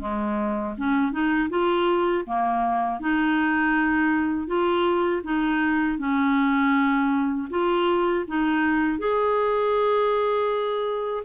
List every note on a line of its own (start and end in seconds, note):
0.00 0.75 G#3
0.78 1.12 C#4
1.12 1.50 D#4
1.50 2.25 F4
2.26 3.00 A#3
3.00 4.47 D#4
4.47 5.22 F4
5.24 5.99 D#4
5.99 7.49 C#4
7.50 8.25 F4
8.28 8.99 D#4
8.99 11.24 G#4